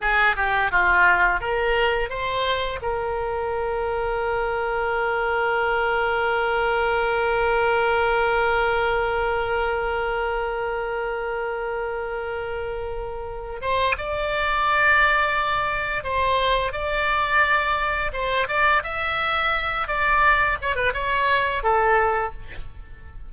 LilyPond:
\new Staff \with { instrumentName = "oboe" } { \time 4/4 \tempo 4 = 86 gis'8 g'8 f'4 ais'4 c''4 | ais'1~ | ais'1~ | ais'1~ |
ais'2.~ ais'8 c''8 | d''2. c''4 | d''2 c''8 d''8 e''4~ | e''8 d''4 cis''16 b'16 cis''4 a'4 | }